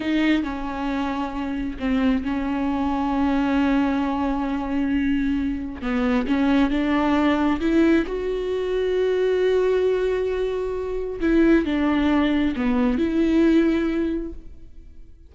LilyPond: \new Staff \with { instrumentName = "viola" } { \time 4/4 \tempo 4 = 134 dis'4 cis'2. | c'4 cis'2.~ | cis'1~ | cis'4 b4 cis'4 d'4~ |
d'4 e'4 fis'2~ | fis'1~ | fis'4 e'4 d'2 | b4 e'2. | }